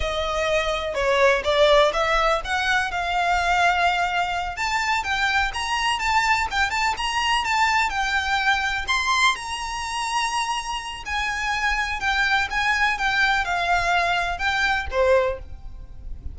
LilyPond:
\new Staff \with { instrumentName = "violin" } { \time 4/4 \tempo 4 = 125 dis''2 cis''4 d''4 | e''4 fis''4 f''2~ | f''4. a''4 g''4 ais''8~ | ais''8 a''4 g''8 a''8 ais''4 a''8~ |
a''8 g''2 c'''4 ais''8~ | ais''2. gis''4~ | gis''4 g''4 gis''4 g''4 | f''2 g''4 c''4 | }